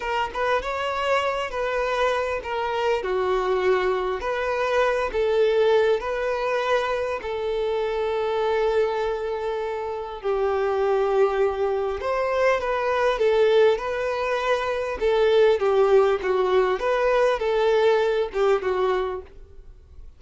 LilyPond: \new Staff \with { instrumentName = "violin" } { \time 4/4 \tempo 4 = 100 ais'8 b'8 cis''4. b'4. | ais'4 fis'2 b'4~ | b'8 a'4. b'2 | a'1~ |
a'4 g'2. | c''4 b'4 a'4 b'4~ | b'4 a'4 g'4 fis'4 | b'4 a'4. g'8 fis'4 | }